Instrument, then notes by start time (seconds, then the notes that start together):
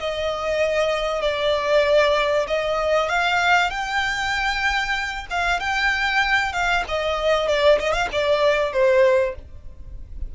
violin
0.00 D#5
1.22 D5
2.47 D#5
3.09 F5
3.70 G5
5.30 F5
5.60 G5
6.53 F5
6.88 D#5
7.48 D5
7.80 D#5
7.93 F5
8.12 D5
8.73 C5